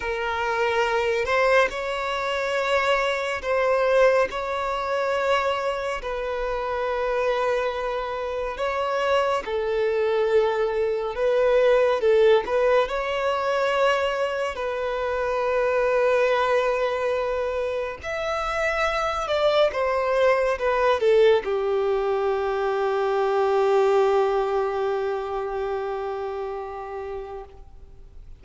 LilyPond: \new Staff \with { instrumentName = "violin" } { \time 4/4 \tempo 4 = 70 ais'4. c''8 cis''2 | c''4 cis''2 b'4~ | b'2 cis''4 a'4~ | a'4 b'4 a'8 b'8 cis''4~ |
cis''4 b'2.~ | b'4 e''4. d''8 c''4 | b'8 a'8 g'2.~ | g'1 | }